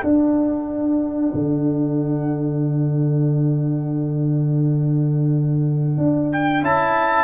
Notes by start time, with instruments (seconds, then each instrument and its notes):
0.00 trombone D4, tuba D4, horn A4, trumpet F#5
1.33 tuba D3
5.97 tuba D4
6.32 trumpet G5
6.61 tuba C#4, trombone E4, trumpet A5